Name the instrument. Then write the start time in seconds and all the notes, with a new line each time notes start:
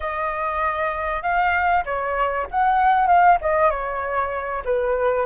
flute
0.00 D#5
1.22 F5
1.85 C#5
2.50 F#5
3.07 F5
3.41 D#5
3.70 C#5
4.64 B4